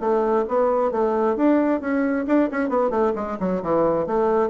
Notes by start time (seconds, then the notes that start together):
0.00 A3
0.48 B3
0.91 A3
1.36 D4
1.81 C#4
2.27 D4
2.52 C#4
2.69 B3
2.90 A3
3.15 G#3
3.40 F#3
3.62 E3
4.07 A3